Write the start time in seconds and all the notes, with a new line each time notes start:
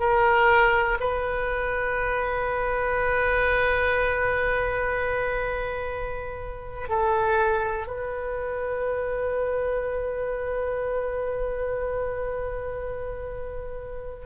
0.00 A#4
1.00 B4
6.89 A4
7.87 B4